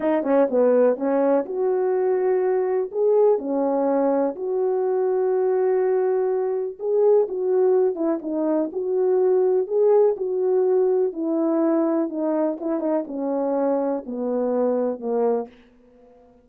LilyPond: \new Staff \with { instrumentName = "horn" } { \time 4/4 \tempo 4 = 124 dis'8 cis'8 b4 cis'4 fis'4~ | fis'2 gis'4 cis'4~ | cis'4 fis'2.~ | fis'2 gis'4 fis'4~ |
fis'8 e'8 dis'4 fis'2 | gis'4 fis'2 e'4~ | e'4 dis'4 e'8 dis'8 cis'4~ | cis'4 b2 ais4 | }